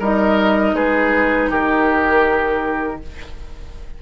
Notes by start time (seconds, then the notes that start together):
0.00 G3 D#4 A#4 D#5
0.73 G#3 G#4 B4
1.50 D#3 G4 A#4